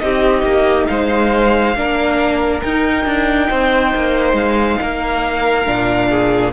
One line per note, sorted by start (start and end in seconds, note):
0.00 0.43 C4
0.00 1.76 D#4
0.00 0.90 G4
0.00 0.87 D#5
0.43 0.86 A#3
0.87 1.75 G#3
0.87 1.77 C5
0.87 2.61 F5
1.75 2.62 A#3
1.75 2.63 D4
1.75 3.50 A#4
2.62 3.06 D#4
2.62 5.66 D#4
2.62 4.36 G5
3.06 3.49 D4
3.50 3.95 C4
3.50 4.80 C5
3.95 4.34 A#3
4.34 4.77 G#3
4.34 6.53 F5
4.82 5.68 A#3
4.82 6.10 A#4
5.66 6.53 A#2
5.66 6.53 D4
6.10 6.53 G#4